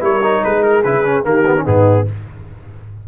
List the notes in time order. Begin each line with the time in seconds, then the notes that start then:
0.00 G3 E4 A#4 C#5
0.23 D#4
0.44 G#3 G#4 B4
0.63 A#4
0.83 C#3 E4 B4
1.04 C#4
1.24 D#3 A#3 G4 A#4
1.46 B3
1.56 C#4
1.63 G#2 B3 D#4 G#4